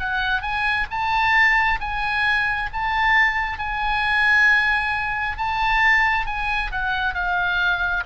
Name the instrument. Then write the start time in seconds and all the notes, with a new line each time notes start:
oboe
0.00 F#5
0.42 G#5
0.91 A5
1.81 G#5
2.73 A5
3.59 G#5
5.38 A5
6.27 G#5
6.72 F#5
7.15 F5